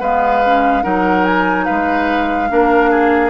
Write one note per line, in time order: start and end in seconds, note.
0.00 0.84 G#3
0.00 0.43 B3
0.00 0.83 B4
0.00 0.83 F5
0.46 0.83 C#4
0.83 1.68 F#3
0.83 2.49 D#4
0.83 1.65 A#4
0.83 1.25 F#5
1.25 1.65 G#5
1.65 2.51 G#3
1.65 2.48 B4
1.65 3.30 F5
2.49 3.30 A#3
2.49 3.30 D4
2.49 2.90 A#4
2.90 3.30 G#4